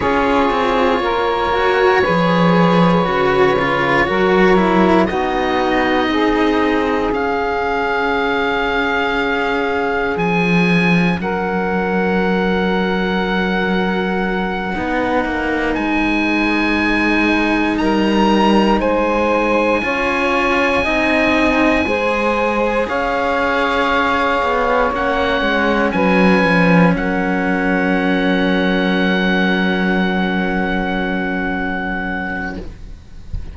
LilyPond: <<
  \new Staff \with { instrumentName = "oboe" } { \time 4/4 \tempo 4 = 59 cis''1~ | cis''4 dis''2 f''4~ | f''2 gis''4 fis''4~ | fis''2.~ fis''8 gis''8~ |
gis''4. ais''4 gis''4.~ | gis''2~ gis''8 f''4.~ | f''8 fis''4 gis''4 fis''4.~ | fis''1 | }
  \new Staff \with { instrumentName = "saxophone" } { \time 4/4 gis'4 ais'4 b'2 | ais'4 fis'4 gis'2~ | gis'2. ais'4~ | ais'2~ ais'8 b'4.~ |
b'4. ais'4 c''4 cis''8~ | cis''8 dis''4 c''4 cis''4.~ | cis''4. b'4 ais'4.~ | ais'1 | }
  \new Staff \with { instrumentName = "cello" } { \time 4/4 f'4. fis'8 gis'4 fis'8 f'8 | fis'8 e'8 dis'2 cis'4~ | cis'1~ | cis'2~ cis'8 dis'4.~ |
dis'2.~ dis'8 f'8~ | f'8 dis'4 gis'2~ gis'8~ | gis'8 cis'2.~ cis'8~ | cis'1 | }
  \new Staff \with { instrumentName = "cello" } { \time 4/4 cis'8 c'8 ais4 f4 cis4 | fis4 b4 c'4 cis'4~ | cis'2 f4 fis4~ | fis2~ fis8 b8 ais8 gis8~ |
gis4. g4 gis4 cis'8~ | cis'8 c'4 gis4 cis'4. | b8 ais8 gis8 fis8 f8 fis4.~ | fis1 | }
>>